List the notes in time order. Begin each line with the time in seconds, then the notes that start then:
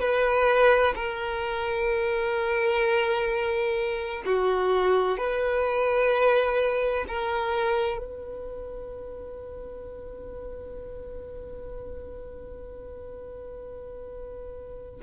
0.00 B4
0.95 A#4
4.25 F#4
5.17 B4
7.08 A#4
7.97 B4